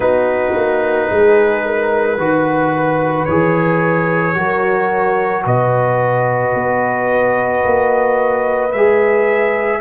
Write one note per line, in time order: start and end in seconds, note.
0.00 0.53 B3
0.00 2.18 D#4
0.00 1.10 F#4
0.00 3.25 B4
0.55 1.10 A#3
1.10 2.17 G#3
1.10 1.65 G#4
1.65 2.17 A#4
2.17 3.26 D#3
2.17 3.27 F#4
2.17 4.35 B4
3.25 4.36 E3
3.25 4.34 G#4
3.25 5.43 C#5
4.34 5.45 F#3
4.34 8.70 F#4
4.34 5.44 A#4
5.44 6.54 B2
5.44 9.80 B4
5.44 8.72 D#5
6.54 7.63 B3
7.64 8.72 A#3
8.72 9.81 G#3
8.72 9.81 G#4
8.72 9.81 E5